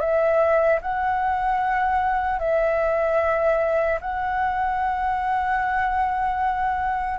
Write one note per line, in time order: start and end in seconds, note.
0.00 0.80 E5
0.82 2.39 F#5
2.39 3.99 E5
4.01 7.19 F#5